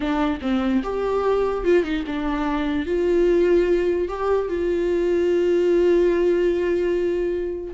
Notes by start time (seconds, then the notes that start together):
0.00 D4
0.41 C4
0.83 G4
1.64 F4
1.83 D#4
2.06 D4
2.86 F4
4.08 G4
4.48 F4